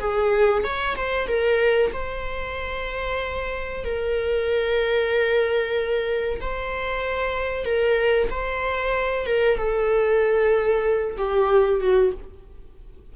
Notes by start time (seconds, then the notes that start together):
0.00 G#4
0.64 C#5
0.96 C5
1.27 A#4
1.93 C5
3.85 A#4
6.41 C5
7.65 A#4
8.30 C5
9.26 A#4
9.57 A4
11.18 G4
11.81 F#4